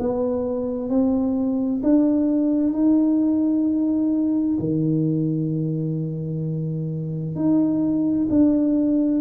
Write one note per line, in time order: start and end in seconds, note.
0.00 0.90 B3
0.90 1.82 C4
1.83 2.74 D4
2.74 4.58 D#4
4.60 7.36 D#3
7.36 8.28 D#4
8.30 9.21 D4